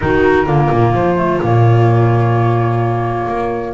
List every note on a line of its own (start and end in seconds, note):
0.00 0.46 D#3
0.00 0.46 D#4
0.00 0.46 F#4
0.00 0.93 A#4
0.46 0.69 D3
0.46 1.16 A#3
0.46 3.74 F4
0.70 0.93 A#2
0.94 1.41 F3
0.94 1.41 C5
1.16 1.39 A3
1.41 3.27 A#2
1.41 3.74 A#3
1.41 3.74 C#5
3.27 3.74 A#3